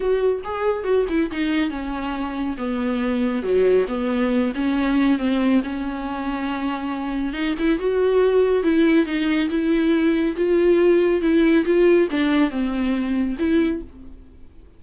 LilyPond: \new Staff \with { instrumentName = "viola" } { \time 4/4 \tempo 4 = 139 fis'4 gis'4 fis'8 e'8 dis'4 | cis'2 b2 | fis4 b4. cis'4. | c'4 cis'2.~ |
cis'4 dis'8 e'8 fis'2 | e'4 dis'4 e'2 | f'2 e'4 f'4 | d'4 c'2 e'4 | }